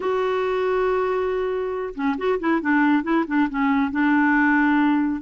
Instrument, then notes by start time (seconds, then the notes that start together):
clarinet
0.00 F#4
1.94 C#4
2.17 F#4
2.39 E4
2.61 D4
3.03 E4
3.27 D4
3.49 C#4
3.91 D4